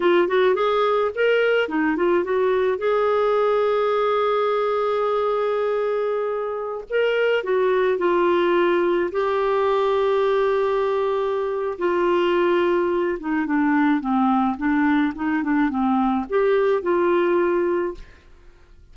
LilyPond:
\new Staff \with { instrumentName = "clarinet" } { \time 4/4 \tempo 4 = 107 f'8 fis'8 gis'4 ais'4 dis'8 f'8 | fis'4 gis'2.~ | gis'1~ | gis'16 ais'4 fis'4 f'4.~ f'16~ |
f'16 g'2.~ g'8.~ | g'4 f'2~ f'8 dis'8 | d'4 c'4 d'4 dis'8 d'8 | c'4 g'4 f'2 | }